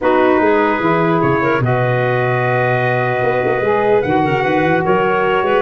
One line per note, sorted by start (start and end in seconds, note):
0.01 0.40 B3
0.01 0.80 D#4
0.01 0.42 F#4
0.01 1.21 B4
0.40 0.80 G#3
0.40 1.42 G#4
0.80 1.20 E3
0.80 1.60 E4
1.21 1.59 C#3
1.21 1.61 C#5
1.42 1.62 A#4
1.59 3.21 B2
1.59 3.62 F#4
1.59 4.24 B4
1.59 4.02 D#5
3.22 3.43 B3
3.45 3.60 A#3
3.60 4.01 G#3
3.60 4.02 G#4
4.02 4.24 D#3
4.02 5.61 F#4
4.02 4.82 F#5
4.24 4.44 C#3
4.24 4.42 A#4
4.42 4.62 D#3
4.42 4.83 B4
4.62 4.82 E3
4.84 5.42 F#3
4.84 5.44 A#4
4.84 5.61 C#5
5.42 5.61 G#3
5.42 5.61 B4